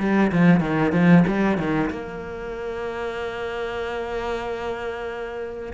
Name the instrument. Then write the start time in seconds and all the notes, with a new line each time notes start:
cello
0.00 G3
0.32 F3
0.61 D#3
0.93 F3
1.28 G3
1.58 D#3
1.91 A#3